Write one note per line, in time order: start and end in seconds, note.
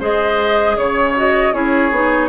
0.00 0.77 G#3
0.00 1.16 G#4
0.00 0.77 C5
0.00 0.78 D#5
0.77 1.54 C#3
0.77 1.16 C#5
0.77 1.54 C#5
1.16 1.54 F#4
1.16 1.54 D#5
1.54 1.92 C#4
1.54 1.92 E4
1.54 2.29 G#4
1.54 2.29 C#5
1.92 2.29 B3
1.92 2.29 D#4